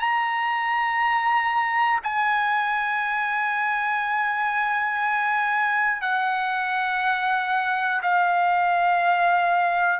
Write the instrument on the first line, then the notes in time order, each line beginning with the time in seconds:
trumpet
0.00 A#5
2.03 G#5
6.01 F#5
8.02 F5